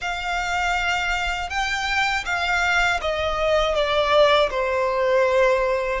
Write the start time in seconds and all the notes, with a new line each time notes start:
0.01 F5
1.49 G5
2.25 F5
3.01 D#5
3.74 D5
4.50 C5